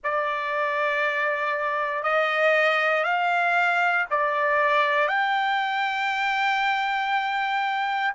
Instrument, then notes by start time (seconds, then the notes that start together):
trumpet
0.03 D5
2.03 D#5
3.03 F5
4.10 D5
5.08 G5